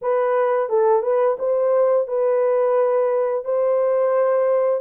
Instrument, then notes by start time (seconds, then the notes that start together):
horn
0.01 B4
0.69 A4
1.02 B4
1.38 C5
2.07 B4
3.45 C5